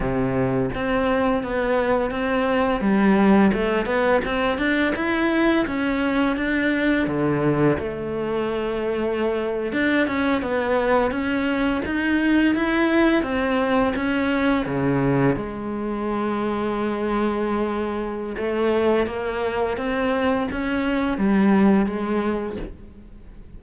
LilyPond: \new Staff \with { instrumentName = "cello" } { \time 4/4 \tempo 4 = 85 c4 c'4 b4 c'4 | g4 a8 b8 c'8 d'8 e'4 | cis'4 d'4 d4 a4~ | a4.~ a16 d'8 cis'8 b4 cis'16~ |
cis'8. dis'4 e'4 c'4 cis'16~ | cis'8. cis4 gis2~ gis16~ | gis2 a4 ais4 | c'4 cis'4 g4 gis4 | }